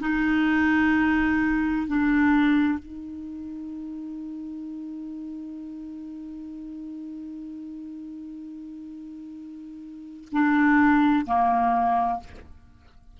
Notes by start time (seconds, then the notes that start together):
0.00 D#4
1.87 D4
2.79 D#4
10.32 D4
11.26 A#3